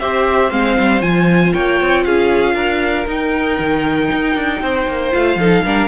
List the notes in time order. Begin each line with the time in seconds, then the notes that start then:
0.00 C4 G4 C5 E5
0.50 G#3 C4 F5
0.79 G3
1.01 F3 F4 G#5
1.54 A#3 C#5 G5
1.81 C4
2.04 C#4 G#4 F5
2.55 D4 A#4
3.07 D#4 G5
3.59 D#3
4.12 D#4
4.35 D4
4.62 C4 C5
4.88 A#3
5.12 A3 F4 F5
5.37 F3 D#4 A4
5.66 G3 D4 A#4